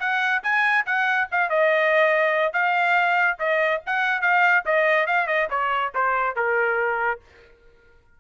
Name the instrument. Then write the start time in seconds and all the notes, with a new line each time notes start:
trumpet
0.00 F#5
0.43 G#5
0.86 F#5
1.32 F5
1.50 D#5
2.53 F5
3.39 D#5
3.86 F#5
4.22 F5
4.66 D#5
5.07 F5
5.27 D#5
5.50 C#5
5.95 C5
6.36 A#4